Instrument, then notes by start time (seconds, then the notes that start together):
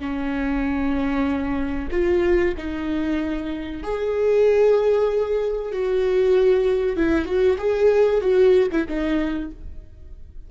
viola
0.00 C#4
1.92 F4
2.58 D#4
3.84 G#4
5.72 F#4
6.97 E4
7.26 F#4
7.59 G#4
8.22 F#4
8.72 E4
8.88 D#4